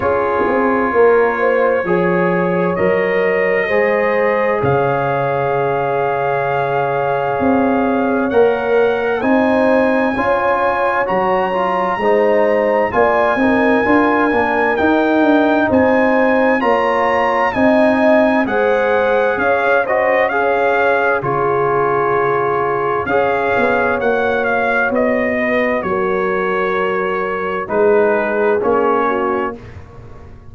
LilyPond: <<
  \new Staff \with { instrumentName = "trumpet" } { \time 4/4 \tempo 4 = 65 cis''2. dis''4~ | dis''4 f''2.~ | f''4 fis''4 gis''2 | ais''2 gis''2 |
g''4 gis''4 ais''4 gis''4 | fis''4 f''8 dis''8 f''4 cis''4~ | cis''4 f''4 fis''8 f''8 dis''4 | cis''2 b'4 cis''4 | }
  \new Staff \with { instrumentName = "horn" } { \time 4/4 gis'4 ais'8 c''8 cis''2 | c''4 cis''2.~ | cis''2 c''4 cis''4~ | cis''4 c''4 d''8 ais'4.~ |
ais'4 c''4 cis''4 dis''4 | c''4 cis''8 c''8 cis''4 gis'4~ | gis'4 cis''2~ cis''8 b'8 | ais'2 gis'4. fis'8 | }
  \new Staff \with { instrumentName = "trombone" } { \time 4/4 f'2 gis'4 ais'4 | gis'1~ | gis'4 ais'4 dis'4 f'4 | fis'8 f'8 dis'4 f'8 dis'8 f'8 d'8 |
dis'2 f'4 dis'4 | gis'4. fis'8 gis'4 f'4~ | f'4 gis'4 fis'2~ | fis'2 dis'4 cis'4 | }
  \new Staff \with { instrumentName = "tuba" } { \time 4/4 cis'8 c'8 ais4 f4 fis4 | gis4 cis2. | c'4 ais4 c'4 cis'4 | fis4 gis4 ais8 c'8 d'8 ais8 |
dis'8 d'8 c'4 ais4 c'4 | gis4 cis'2 cis4~ | cis4 cis'8 b8 ais4 b4 | fis2 gis4 ais4 | }
>>